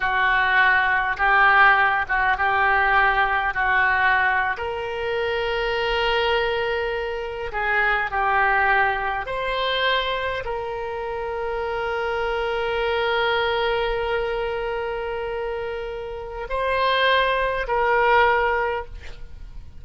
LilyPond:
\new Staff \with { instrumentName = "oboe" } { \time 4/4 \tempo 4 = 102 fis'2 g'4. fis'8 | g'2 fis'4.~ fis'16 ais'16~ | ais'1~ | ais'8. gis'4 g'2 c''16~ |
c''4.~ c''16 ais'2~ ais'16~ | ais'1~ | ais'1 | c''2 ais'2 | }